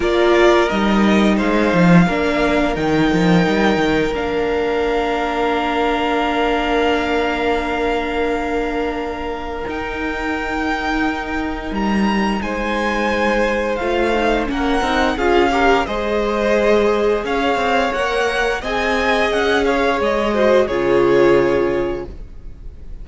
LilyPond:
<<
  \new Staff \with { instrumentName = "violin" } { \time 4/4 \tempo 4 = 87 d''4 dis''4 f''2 | g''2 f''2~ | f''1~ | f''2 g''2~ |
g''4 ais''4 gis''2 | f''4 fis''4 f''4 dis''4~ | dis''4 f''4 fis''4 gis''4 | fis''8 f''8 dis''4 cis''2 | }
  \new Staff \with { instrumentName = "violin" } { \time 4/4 ais'2 c''4 ais'4~ | ais'1~ | ais'1~ | ais'1~ |
ais'2 c''2~ | c''4 ais'4 gis'8 ais'8 c''4~ | c''4 cis''2 dis''4~ | dis''8 cis''4 c''8 gis'2 | }
  \new Staff \with { instrumentName = "viola" } { \time 4/4 f'4 dis'2 d'4 | dis'2 d'2~ | d'1~ | d'2 dis'2~ |
dis'1 | f'8 dis'8 cis'8 dis'8 f'8 g'8 gis'4~ | gis'2 ais'4 gis'4~ | gis'4. fis'8 f'2 | }
  \new Staff \with { instrumentName = "cello" } { \time 4/4 ais4 g4 gis8 f8 ais4 | dis8 f8 g8 dis8 ais2~ | ais1~ | ais2 dis'2~ |
dis'4 g4 gis2 | a4 ais8 c'8 cis'4 gis4~ | gis4 cis'8 c'8 ais4 c'4 | cis'4 gis4 cis2 | }
>>